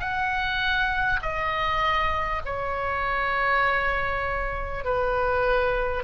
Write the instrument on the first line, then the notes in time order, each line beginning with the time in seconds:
oboe
0.00 F#5
1.23 D#5
2.45 C#5
4.85 B4